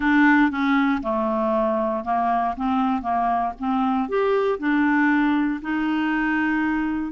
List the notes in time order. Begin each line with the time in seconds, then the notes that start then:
0.00 D4
0.50 C#4
1.02 A3
2.04 A#3
2.56 C4
3.02 A#3
3.59 C4
4.08 G4
4.58 D4
5.61 D#4